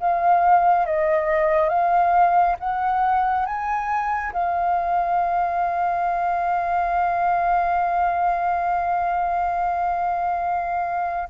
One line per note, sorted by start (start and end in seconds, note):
0.00 0.86 F5
0.86 1.69 D#5
1.69 2.56 F5
2.59 3.46 F#5
3.46 4.33 G#5
4.33 11.28 F5